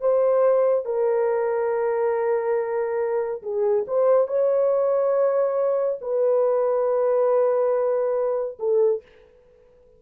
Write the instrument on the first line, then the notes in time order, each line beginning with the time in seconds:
horn
0.00 C5
0.85 A#4
3.42 G#4
3.87 C5
4.27 C#5
6.01 B4
8.59 A4